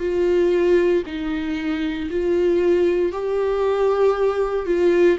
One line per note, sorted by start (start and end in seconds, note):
0.00 1.03 F4
1.06 2.10 D#4
2.11 3.13 F4
3.13 4.66 G4
4.66 5.18 F4